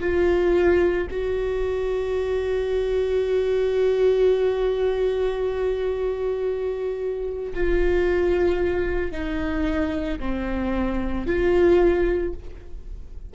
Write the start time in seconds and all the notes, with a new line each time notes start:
0.00 F4
1.10 F#4
7.53 F4
9.11 D#4
10.19 C4
11.26 F4